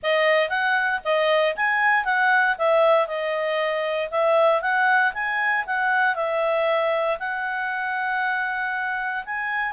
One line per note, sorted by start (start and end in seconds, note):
0.02 0.49 D#5
0.49 1.00 F#5
1.04 1.55 D#5
1.56 2.05 G#5
2.05 2.56 F#5
2.58 3.07 E5
3.07 4.09 D#5
4.10 4.61 E5
4.61 5.12 F#5
5.13 5.65 G#5
5.66 6.15 F#5
6.15 7.17 E5
7.19 9.24 F#5
9.25 9.72 G#5